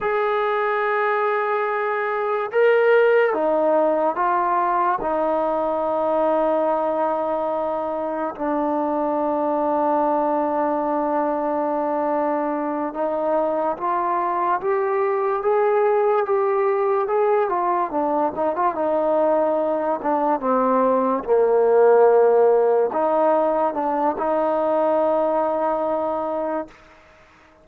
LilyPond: \new Staff \with { instrumentName = "trombone" } { \time 4/4 \tempo 4 = 72 gis'2. ais'4 | dis'4 f'4 dis'2~ | dis'2 d'2~ | d'2.~ d'8 dis'8~ |
dis'8 f'4 g'4 gis'4 g'8~ | g'8 gis'8 f'8 d'8 dis'16 f'16 dis'4. | d'8 c'4 ais2 dis'8~ | dis'8 d'8 dis'2. | }